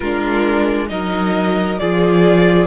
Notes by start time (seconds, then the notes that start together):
0.00 G#3 D4 F4 A#4
0.87 F#3 D#4 A#4 D#5
1.78 F3 F4 G#4 D5